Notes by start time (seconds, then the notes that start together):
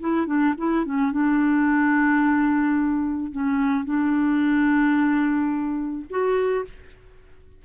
0.00 E4
0.26 D4
0.58 E4
0.85 C#4
1.12 D4
3.32 C#4
3.85 D4
6.10 F#4